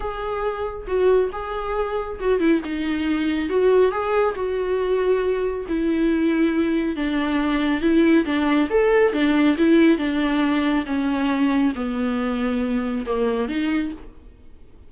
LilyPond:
\new Staff \with { instrumentName = "viola" } { \time 4/4 \tempo 4 = 138 gis'2 fis'4 gis'4~ | gis'4 fis'8 e'8 dis'2 | fis'4 gis'4 fis'2~ | fis'4 e'2. |
d'2 e'4 d'4 | a'4 d'4 e'4 d'4~ | d'4 cis'2 b4~ | b2 ais4 dis'4 | }